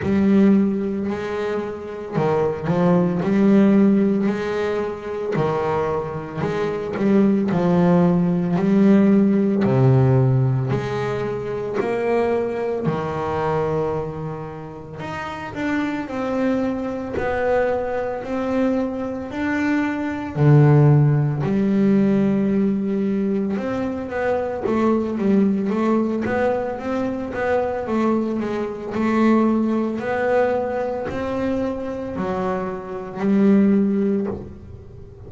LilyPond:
\new Staff \with { instrumentName = "double bass" } { \time 4/4 \tempo 4 = 56 g4 gis4 dis8 f8 g4 | gis4 dis4 gis8 g8 f4 | g4 c4 gis4 ais4 | dis2 dis'8 d'8 c'4 |
b4 c'4 d'4 d4 | g2 c'8 b8 a8 g8 | a8 b8 c'8 b8 a8 gis8 a4 | b4 c'4 fis4 g4 | }